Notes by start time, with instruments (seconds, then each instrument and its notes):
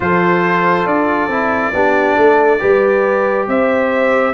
0.00 tuba F3, trombone F4, horn A4, trumpet C5
0.85 tuba D4, trumpet D5
1.27 tuba C4, trombone E4
1.73 tuba B3, trombone D4, horn G4
2.15 tuba A3, horn A4
2.59 tuba G3, trombone G4, horn B4
3.47 tuba C4, horn C5, trumpet E5